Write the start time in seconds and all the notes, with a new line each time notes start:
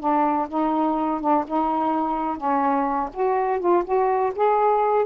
0.00 D4
0.48 D#4
1.20 D4
1.47 D#4
2.37 C#4
3.13 F#4
3.60 F4
3.84 F#4
4.35 G#4